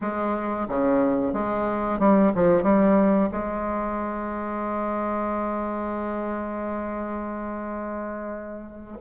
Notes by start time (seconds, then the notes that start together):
0.01 G#3
0.68 C#3
1.33 G#3
1.99 G3
2.35 F3
2.62 G3
3.31 G#3